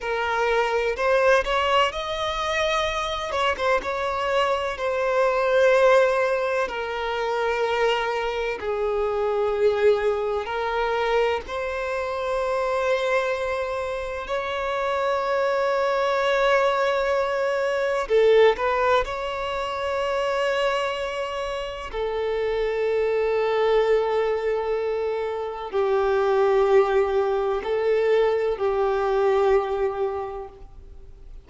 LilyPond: \new Staff \with { instrumentName = "violin" } { \time 4/4 \tempo 4 = 63 ais'4 c''8 cis''8 dis''4. cis''16 c''16 | cis''4 c''2 ais'4~ | ais'4 gis'2 ais'4 | c''2. cis''4~ |
cis''2. a'8 b'8 | cis''2. a'4~ | a'2. g'4~ | g'4 a'4 g'2 | }